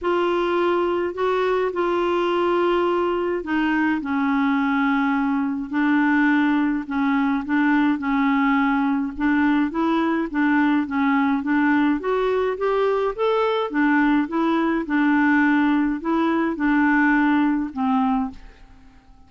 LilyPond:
\new Staff \with { instrumentName = "clarinet" } { \time 4/4 \tempo 4 = 105 f'2 fis'4 f'4~ | f'2 dis'4 cis'4~ | cis'2 d'2 | cis'4 d'4 cis'2 |
d'4 e'4 d'4 cis'4 | d'4 fis'4 g'4 a'4 | d'4 e'4 d'2 | e'4 d'2 c'4 | }